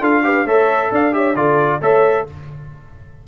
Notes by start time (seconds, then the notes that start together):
0.00 D4 F4 A4 F5
0.23 G4 B4
0.45 A3 A4 C#5 E5
0.91 D4 D5 F5
1.12 G4 C#5 E5
1.35 D3 F4 A4 D5
1.81 A3 A4 C#5 E5